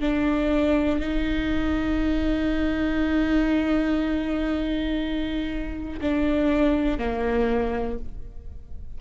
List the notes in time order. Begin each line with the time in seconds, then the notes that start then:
0.00 D4
1.00 D#4
6.01 D4
6.98 A#3